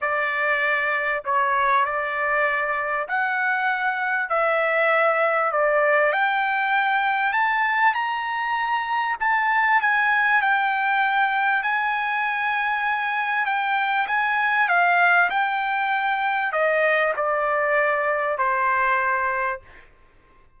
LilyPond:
\new Staff \with { instrumentName = "trumpet" } { \time 4/4 \tempo 4 = 98 d''2 cis''4 d''4~ | d''4 fis''2 e''4~ | e''4 d''4 g''2 | a''4 ais''2 a''4 |
gis''4 g''2 gis''4~ | gis''2 g''4 gis''4 | f''4 g''2 dis''4 | d''2 c''2 | }